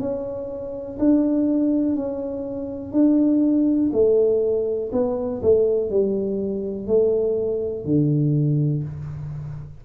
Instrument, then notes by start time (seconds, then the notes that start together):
tuba
0.00 C#4
0.99 D4
1.96 C#4
2.92 D4
3.93 A3
4.93 B3
5.42 A3
5.91 G3
6.88 A3
7.85 D3